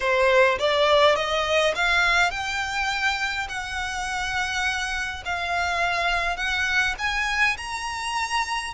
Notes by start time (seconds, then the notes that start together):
0.00 C5
0.59 D5
1.15 D#5
1.75 F5
2.31 G5
3.48 F#5
5.25 F5
6.36 F#5
6.98 G#5
7.57 A#5